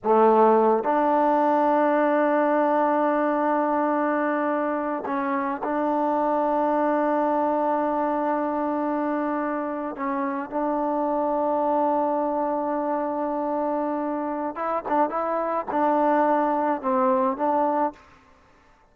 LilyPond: \new Staff \with { instrumentName = "trombone" } { \time 4/4 \tempo 4 = 107 a4. d'2~ d'8~ | d'1~ | d'4 cis'4 d'2~ | d'1~ |
d'4.~ d'16 cis'4 d'4~ d'16~ | d'1~ | d'2 e'8 d'8 e'4 | d'2 c'4 d'4 | }